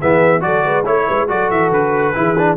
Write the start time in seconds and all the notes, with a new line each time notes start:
0.00 E3 B3 G#4 E5
0.40 F#3 F#4 A4 D5
0.64 G#3 B4
0.84 A3 E4 C#5
1.07 G#3 B4
1.28 F#3 F#4 A4 D5
1.50 E3 E5
1.71 D3 B4
2.14 E3 E4 G#4
2.38 D4